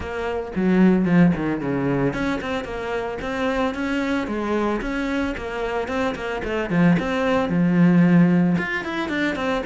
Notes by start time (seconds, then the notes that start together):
0.00 A#3
0.55 F#3
1.05 F3
1.35 D#3
1.60 C#3
2.13 C#4
2.41 C4
2.64 A#3
3.21 C4
3.74 C#4
4.27 G#3
4.81 C#4
5.37 A#3
5.88 C4
6.15 A#3
6.44 A3
6.69 F3
6.99 C4
7.49 F3
8.58 F4
8.84 E4
9.08 D4
9.35 C4